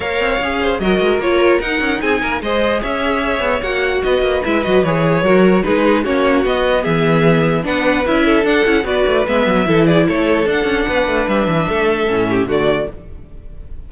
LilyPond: <<
  \new Staff \with { instrumentName = "violin" } { \time 4/4 \tempo 4 = 149 f''2 dis''4 cis''4 | fis''4 gis''4 dis''4 e''4~ | e''4 fis''4 dis''4 e''8 dis''8 | cis''2 b'4 cis''4 |
dis''4 e''2 fis''4 | e''4 fis''4 d''4 e''4~ | e''8 d''8 cis''4 fis''2 | e''2. d''4 | }
  \new Staff \with { instrumentName = "violin" } { \time 4/4 cis''4. c''8 ais'2~ | ais'4 gis'8 ais'8 c''4 cis''4~ | cis''2 b'2~ | b'4 ais'4 gis'4 fis'4~ |
fis'4 gis'2 b'4~ | b'8 a'4. b'2 | a'8 gis'8 a'2 b'4~ | b'4 a'4. g'8 fis'4 | }
  \new Staff \with { instrumentName = "viola" } { \time 4/4 ais'4 gis'4 fis'4 f'4 | dis'2 gis'2~ | gis'4 fis'2 e'8 fis'8 | gis'4 fis'4 dis'4 cis'4 |
b2. d'4 | e'4 d'8 e'8 fis'4 b4 | e'2 d'2~ | d'2 cis'4 a4 | }
  \new Staff \with { instrumentName = "cello" } { \time 4/4 ais8 c'8 cis'4 fis8 gis8 ais4 | dis'8 cis'8 c'8 ais8 gis4 cis'4~ | cis'8 b8 ais4 b8 ais8 gis8 fis8 | e4 fis4 gis4 ais4 |
b4 e2 b4 | cis'4 d'8 cis'8 b8 a8 gis8 fis8 | e4 a4 d'8 cis'8 b8 a8 | g8 e8 a4 a,4 d4 | }
>>